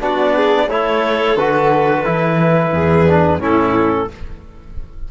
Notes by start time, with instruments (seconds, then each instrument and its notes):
0.00 cello B3, trombone D4, violin F#4, clarinet D5
0.36 violin G#4
0.68 cello A3, trombone E4, violin A4, clarinet C#5
1.36 cello D3, trombone F#4, clarinet B4
2.05 cello E3, trombone E4
2.72 cello E2, violin G#4
3.08 trombone D4
3.38 cello A2, trombone C#4, violin E4, clarinet A4